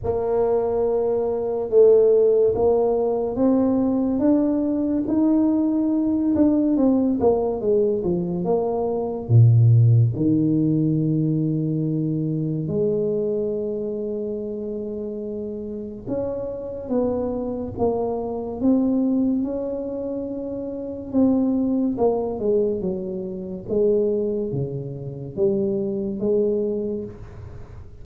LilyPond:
\new Staff \with { instrumentName = "tuba" } { \time 4/4 \tempo 4 = 71 ais2 a4 ais4 | c'4 d'4 dis'4. d'8 | c'8 ais8 gis8 f8 ais4 ais,4 | dis2. gis4~ |
gis2. cis'4 | b4 ais4 c'4 cis'4~ | cis'4 c'4 ais8 gis8 fis4 | gis4 cis4 g4 gis4 | }